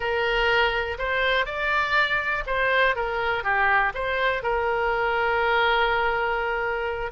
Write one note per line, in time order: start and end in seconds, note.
0.00 0.97 A#4
0.98 1.45 C5
1.45 2.44 D5
2.46 2.95 C5
2.95 3.43 A#4
3.43 3.93 G4
3.94 4.42 C5
4.42 7.11 A#4